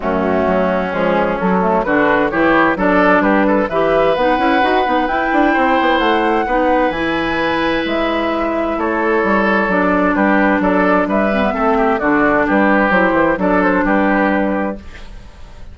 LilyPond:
<<
  \new Staff \with { instrumentName = "flute" } { \time 4/4 \tempo 4 = 130 fis'2 gis'4 a'4 | b'4 cis''4 d''4 b'4 | e''4 fis''2 g''4~ | g''4 fis''2 gis''4~ |
gis''4 e''2 cis''4~ | cis''4 d''4 b'4 d''4 | e''2 d''4 b'4 | c''4 d''8 c''8 b'2 | }
  \new Staff \with { instrumentName = "oboe" } { \time 4/4 cis'1 | fis'4 g'4 a'4 g'8 a'8 | b'1 | c''2 b'2~ |
b'2. a'4~ | a'2 g'4 a'4 | b'4 a'8 g'8 fis'4 g'4~ | g'4 a'4 g'2 | }
  \new Staff \with { instrumentName = "clarinet" } { \time 4/4 a2 gis4 fis8 a8 | d'4 e'4 d'2 | g'4 dis'8 e'8 fis'8 dis'8 e'4~ | e'2 dis'4 e'4~ |
e'1~ | e'4 d'2.~ | d'8 c'16 b16 c'4 d'2 | e'4 d'2. | }
  \new Staff \with { instrumentName = "bassoon" } { \time 4/4 fis,4 fis4 f4 fis4 | d4 e4 fis4 g4 | e4 b8 cis'8 dis'8 b8 e'8 d'8 | c'8 b8 a4 b4 e4~ |
e4 gis2 a4 | g4 fis4 g4 fis4 | g4 a4 d4 g4 | fis8 e8 fis4 g2 | }
>>